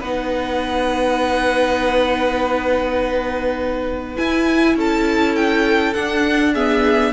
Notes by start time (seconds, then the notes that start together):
0.00 B3 D#4 B4 F#5
4.16 E4 G#5
4.75 C#4 A4 A5
5.35 G5
5.93 D4 F#5
6.53 B3 G#4 E5